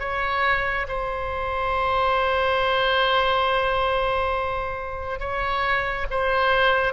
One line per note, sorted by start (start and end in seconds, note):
0.00 0.87 C#5
0.88 5.20 C5
5.20 6.07 C#5
6.11 6.94 C5